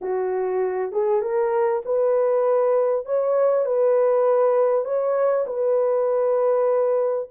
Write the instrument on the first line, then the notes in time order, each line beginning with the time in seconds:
horn
0.01 F#4
0.91 G#4
1.21 A#4
1.85 B4
3.05 C#5
3.65 B4
4.84 C#5
5.47 B4